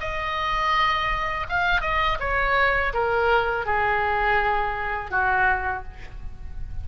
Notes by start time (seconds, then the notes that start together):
0.00 D#5
1.49 F5
1.81 D#5
2.20 C#5
2.93 A#4
3.66 G#4
5.10 F#4